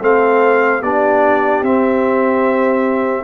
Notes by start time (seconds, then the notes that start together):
0.00 A3 C4 A4 F5
0.81 B3 D4 G4 D5
1.62 C4 E5